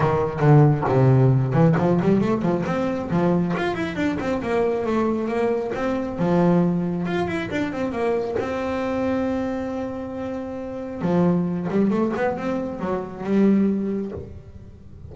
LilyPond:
\new Staff \with { instrumentName = "double bass" } { \time 4/4 \tempo 4 = 136 dis4 d4 c4. e8 | f8 g8 a8 f8 c'4 f4 | f'8 e'8 d'8 c'8 ais4 a4 | ais4 c'4 f2 |
f'8 e'8 d'8 c'8 ais4 c'4~ | c'1~ | c'4 f4. g8 a8 b8 | c'4 fis4 g2 | }